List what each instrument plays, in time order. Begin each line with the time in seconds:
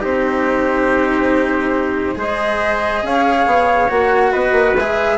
0.00 bassoon C4, cello D#4, trumpet G4, flute C5
2.16 bassoon G#3, cello G#4, trumpet C5, flute D#5
3.03 bassoon C#4, trumpet C#5, flute F5
3.47 bassoon B3
3.89 bassoon A#3, cello F#4, flute F#5
4.32 bassoon B3, trumpet B4, flute D#5
4.52 bassoon A#3
4.76 bassoon G#3, cello G#4, flute E5